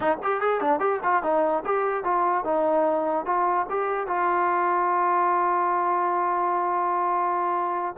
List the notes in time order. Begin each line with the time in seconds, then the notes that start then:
0.00 D#4
0.22 G4
0.40 G#4
0.60 D4
0.79 G4
1.03 F4
1.22 D#4
1.65 G4
2.04 F4
2.44 D#4
3.25 F4
3.69 G4
4.07 F4